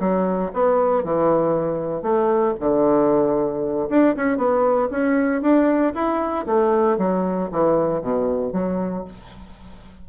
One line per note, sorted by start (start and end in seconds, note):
0.00 0.52 F#3
0.54 1.04 B3
1.04 2.03 E3
2.03 2.54 A3
2.60 3.90 D3
3.90 4.16 D4
4.16 4.38 C#4
4.38 4.89 B3
4.91 5.42 C#4
5.42 5.94 D4
5.95 6.46 E4
6.47 6.98 A3
6.98 7.50 F#3
7.52 8.02 E3
8.02 8.53 B2
8.53 9.05 F#3